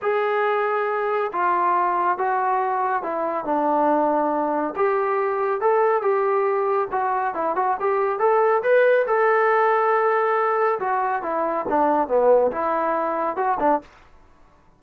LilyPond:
\new Staff \with { instrumentName = "trombone" } { \time 4/4 \tempo 4 = 139 gis'2. f'4~ | f'4 fis'2 e'4 | d'2. g'4~ | g'4 a'4 g'2 |
fis'4 e'8 fis'8 g'4 a'4 | b'4 a'2.~ | a'4 fis'4 e'4 d'4 | b4 e'2 fis'8 d'8 | }